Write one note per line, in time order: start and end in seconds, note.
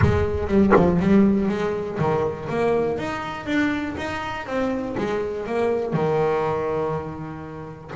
0.01 0.47 G#3
0.47 0.72 G3
0.76 0.99 F3
0.99 1.49 G3
1.49 1.98 G#3
1.98 2.48 D#3
2.49 2.98 A#3
2.98 3.46 D#4
3.46 3.95 D4
3.97 4.46 D#4
4.46 4.96 C4
4.97 5.46 G#3
5.46 5.93 A#3
5.93 7.91 D#3